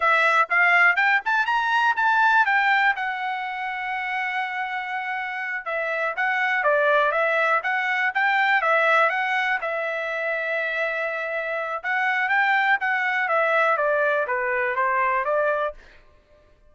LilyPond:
\new Staff \with { instrumentName = "trumpet" } { \time 4/4 \tempo 4 = 122 e''4 f''4 g''8 a''8 ais''4 | a''4 g''4 fis''2~ | fis''2.~ fis''8 e''8~ | e''8 fis''4 d''4 e''4 fis''8~ |
fis''8 g''4 e''4 fis''4 e''8~ | e''1 | fis''4 g''4 fis''4 e''4 | d''4 b'4 c''4 d''4 | }